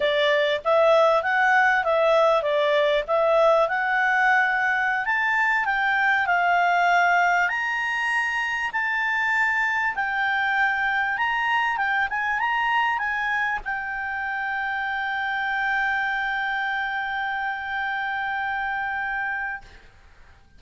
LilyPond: \new Staff \with { instrumentName = "clarinet" } { \time 4/4 \tempo 4 = 98 d''4 e''4 fis''4 e''4 | d''4 e''4 fis''2~ | fis''16 a''4 g''4 f''4.~ f''16~ | f''16 ais''2 a''4.~ a''16~ |
a''16 g''2 ais''4 g''8 gis''16~ | gis''16 ais''4 gis''4 g''4.~ g''16~ | g''1~ | g''1 | }